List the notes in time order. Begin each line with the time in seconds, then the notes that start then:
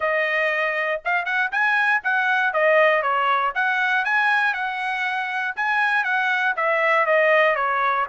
0.00 D#5
1.05 F5
1.25 F#5
1.51 G#5
2.03 F#5
2.53 D#5
3.02 C#5
3.54 F#5
4.05 G#5
4.53 F#5
5.56 G#5
6.04 F#5
6.56 E5
7.06 D#5
7.55 C#5